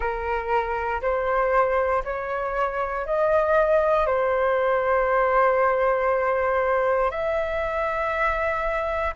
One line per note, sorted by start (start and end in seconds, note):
0.00 1.01 A#4
1.01 2.03 C5
2.04 3.06 C#5
3.06 4.06 D#5
4.06 7.10 C5
7.10 9.14 E5